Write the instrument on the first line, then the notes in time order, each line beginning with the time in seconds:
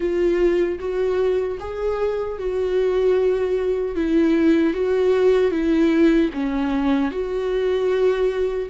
viola
0.00 F4
0.79 F#4
1.59 G#4
2.38 F#4
3.95 E4
4.73 F#4
5.51 E4
6.33 C#4
7.11 F#4